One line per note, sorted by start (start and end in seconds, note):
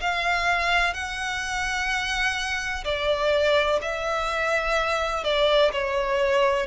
0.00 0.94 F5
0.94 2.84 F#5
2.84 3.80 D5
3.81 5.24 E5
5.24 5.71 D5
5.72 6.66 C#5